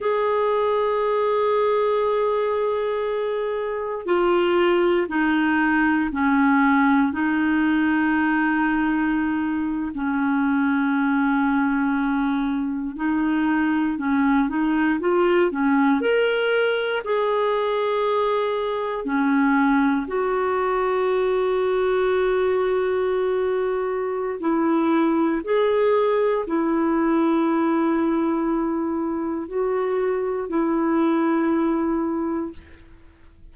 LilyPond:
\new Staff \with { instrumentName = "clarinet" } { \time 4/4 \tempo 4 = 59 gis'1 | f'4 dis'4 cis'4 dis'4~ | dis'4.~ dis'16 cis'2~ cis'16~ | cis'8. dis'4 cis'8 dis'8 f'8 cis'8 ais'16~ |
ais'8. gis'2 cis'4 fis'16~ | fis'1 | e'4 gis'4 e'2~ | e'4 fis'4 e'2 | }